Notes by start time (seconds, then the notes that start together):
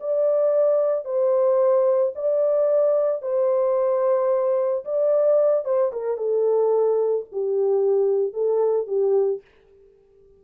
0.00 D5
1.05 C5
2.15 D5
3.22 C5
4.85 D5
5.65 C5
5.93 A#4
6.17 A4
7.32 G4
8.33 A4
8.87 G4